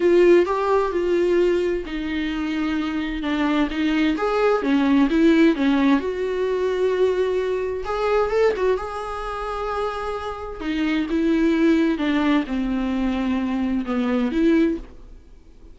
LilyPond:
\new Staff \with { instrumentName = "viola" } { \time 4/4 \tempo 4 = 130 f'4 g'4 f'2 | dis'2. d'4 | dis'4 gis'4 cis'4 e'4 | cis'4 fis'2.~ |
fis'4 gis'4 a'8 fis'8 gis'4~ | gis'2. dis'4 | e'2 d'4 c'4~ | c'2 b4 e'4 | }